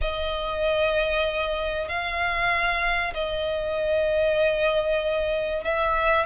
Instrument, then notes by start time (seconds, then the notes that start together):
violin
0.01 D#5
1.88 F5
3.14 D#5
5.64 E5